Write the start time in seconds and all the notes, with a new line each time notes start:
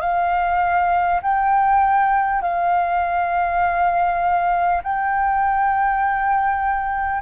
0.00 F5
1.22 G5
2.42 F5
4.83 G5